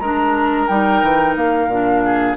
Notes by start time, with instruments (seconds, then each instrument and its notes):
0.00 bassoon G#3, clarinet D4, oboe A#4, flute A#5
0.68 bassoon G3, clarinet D#4, flute G5
1.03 bassoon E3
1.36 bassoon A#3, flute F5
1.68 bassoon A#2, clarinet D4
2.05 oboe G#4